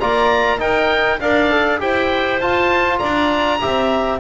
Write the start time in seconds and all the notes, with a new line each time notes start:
0.00 A#3 F4 D5 A#5
0.59 D#4 A#4 G5
1.20 D4 A#4 D5 F5
1.51 A4
1.79 E4 G4 C5 G5
2.41 F4 A5
2.99 D4 D5 A#5
3.60 C4 G4 E5